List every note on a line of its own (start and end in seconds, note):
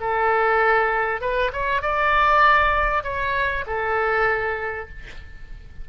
0.00 1.21 A4
1.21 1.51 B4
1.53 1.82 C#5
1.82 3.03 D5
3.03 3.65 C#5
3.67 4.89 A4